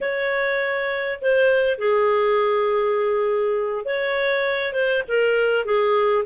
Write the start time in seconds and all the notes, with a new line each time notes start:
0.01 C#5
1.21 C5
1.78 G#4
3.85 C#5
4.73 C5
5.07 A#4
5.65 G#4